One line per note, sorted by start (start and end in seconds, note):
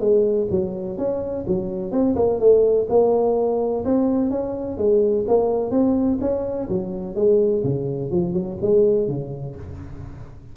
0.00 0.48 G#3
0.50 0.97 F#3
0.97 1.45 C#4
1.47 1.91 F#3
1.91 2.15 C4
2.16 2.39 A#3
2.40 2.87 A3
2.89 3.84 A#3
3.85 4.30 C4
4.30 4.78 C#4
4.78 5.25 G#3
5.27 5.71 A#3
5.71 6.18 C4
6.21 6.68 C#4
6.69 7.15 F#3
7.15 7.63 G#3
7.64 8.11 C#3
8.11 8.33 F3
8.33 8.57 F#3
8.61 9.08 G#3
9.08 9.55 C#3